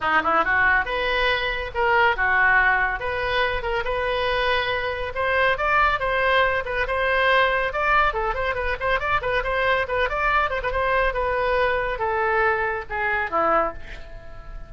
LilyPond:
\new Staff \with { instrumentName = "oboe" } { \time 4/4 \tempo 4 = 140 dis'8 e'8 fis'4 b'2 | ais'4 fis'2 b'4~ | b'8 ais'8 b'2. | c''4 d''4 c''4. b'8 |
c''2 d''4 a'8 c''8 | b'8 c''8 d''8 b'8 c''4 b'8 d''8~ | d''8 c''16 b'16 c''4 b'2 | a'2 gis'4 e'4 | }